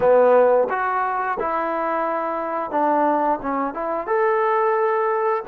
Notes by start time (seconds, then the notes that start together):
0.00 B3
0.69 F#4
1.39 E4
2.71 D4
3.42 C#4
3.73 E4
4.06 A4